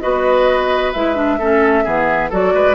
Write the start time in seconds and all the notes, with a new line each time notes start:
0.00 B3 F#4 B4 D#5
0.93 G#3 E4 E5
1.15 D4
1.39 A3 C#4 A4
1.84 E3 B3 G#4
2.30 F#3 F#4 A4 D5
2.54 G#3 B4